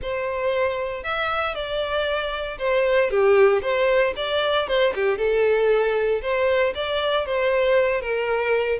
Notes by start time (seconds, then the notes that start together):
0.02 C5
1.03 E5
1.54 D5
2.58 C5
3.10 G4
3.62 C5
4.16 D5
4.67 C5
4.95 G4
5.17 A4
6.22 C5
6.74 D5
7.26 C5
8.01 A#4